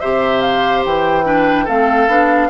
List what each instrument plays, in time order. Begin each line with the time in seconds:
0.00 bassoon C3, clarinet G4, oboe C5, flute E5
0.41 flute F5
0.85 bassoon E3, flute G5
1.25 clarinet D4, oboe B4
1.64 bassoon A3, clarinet C4, oboe A4, flute F5
2.07 bassoon B3, clarinet D4